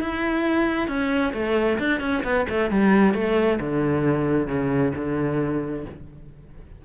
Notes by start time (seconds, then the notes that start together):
0.00 E4
0.88 C#4
1.33 A3
1.78 D4
2.00 C#4
2.23 B3
2.49 A3
2.70 G3
3.14 A3
3.60 D3
4.47 C#3
4.95 D3